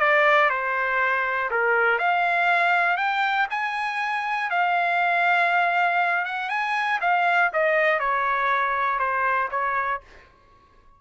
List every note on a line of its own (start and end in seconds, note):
0.00 0.50 D5
0.50 1.50 C5
1.51 1.99 A#4
1.99 2.97 F5
2.97 3.47 G5
3.50 4.50 G#5
4.50 6.25 F5
6.25 6.50 F#5
6.50 7.00 G#5
7.01 7.51 F5
7.53 8.00 D#5
8.00 8.99 C#5
8.99 9.49 C5
9.51 10.01 C#5